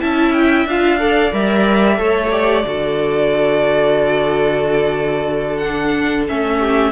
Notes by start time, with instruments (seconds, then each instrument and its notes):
0.00 cello C#4, viola E4, violin E5 A5
0.33 violin G5
0.66 cello D4, viola F4, violin F5
0.99 viola A4, violin D5
1.32 cello G3, viola A#4, violin E5
1.96 cello A3, viola A4, violin C#5
2.31 viola G4, violin D5
2.66 cello D3, viola F#4, violin A4
5.57 violin F#5
5.63 viola D4
6.28 cello A3, viola C#4, violin E5
6.59 violin G4